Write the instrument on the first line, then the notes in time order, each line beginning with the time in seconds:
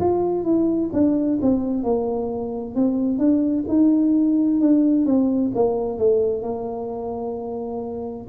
tuba
0.00 F4
0.44 E4
0.93 D4
1.41 C4
1.83 A#3
2.75 C4
3.18 D4
3.68 D#4
4.60 D4
5.06 C4
5.55 A#3
5.98 A3
6.42 A#3